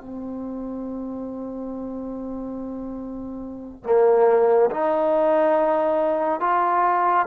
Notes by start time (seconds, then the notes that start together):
0.00 C4
3.84 A#3
4.71 D#4
6.41 F4